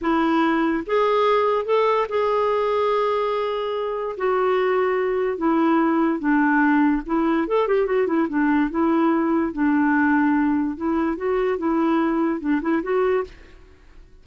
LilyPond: \new Staff \with { instrumentName = "clarinet" } { \time 4/4 \tempo 4 = 145 e'2 gis'2 | a'4 gis'2.~ | gis'2 fis'2~ | fis'4 e'2 d'4~ |
d'4 e'4 a'8 g'8 fis'8 e'8 | d'4 e'2 d'4~ | d'2 e'4 fis'4 | e'2 d'8 e'8 fis'4 | }